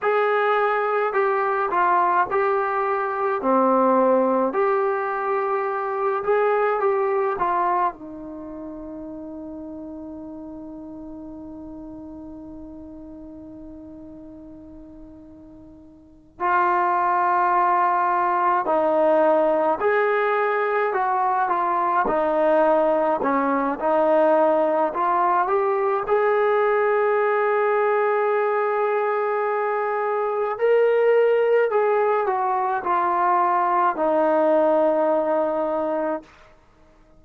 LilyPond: \new Staff \with { instrumentName = "trombone" } { \time 4/4 \tempo 4 = 53 gis'4 g'8 f'8 g'4 c'4 | g'4. gis'8 g'8 f'8 dis'4~ | dis'1~ | dis'2~ dis'8 f'4.~ |
f'8 dis'4 gis'4 fis'8 f'8 dis'8~ | dis'8 cis'8 dis'4 f'8 g'8 gis'4~ | gis'2. ais'4 | gis'8 fis'8 f'4 dis'2 | }